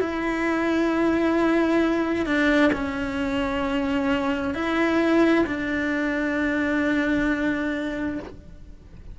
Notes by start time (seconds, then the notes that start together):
0.00 E4
2.26 D4
2.73 C#4
4.55 E4
5.47 D4